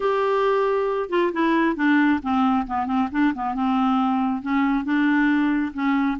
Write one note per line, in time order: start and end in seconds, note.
0.00 1.09 G4
1.09 1.31 F4
1.33 1.75 E4
1.75 2.20 D4
2.22 2.66 C4
2.67 2.86 B3
2.86 3.08 C4
3.11 3.33 D4
3.34 3.54 B3
3.54 4.42 C4
4.42 4.84 C#4
4.84 5.72 D4
5.73 6.17 C#4